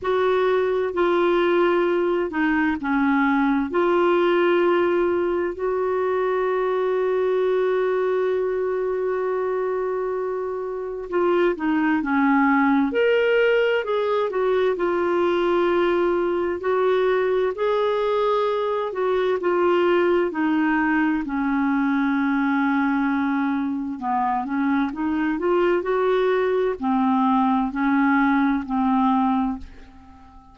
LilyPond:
\new Staff \with { instrumentName = "clarinet" } { \time 4/4 \tempo 4 = 65 fis'4 f'4. dis'8 cis'4 | f'2 fis'2~ | fis'1 | f'8 dis'8 cis'4 ais'4 gis'8 fis'8 |
f'2 fis'4 gis'4~ | gis'8 fis'8 f'4 dis'4 cis'4~ | cis'2 b8 cis'8 dis'8 f'8 | fis'4 c'4 cis'4 c'4 | }